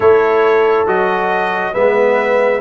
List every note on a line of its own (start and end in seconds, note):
0.00 0.86 A3
0.00 0.86 E4
0.00 1.73 A4
0.00 0.86 C#5
0.86 1.73 F#3
0.86 1.73 F#4
0.86 1.74 D#5
1.73 2.61 G#3
1.73 2.61 B3
1.73 2.60 B4
1.73 2.61 E5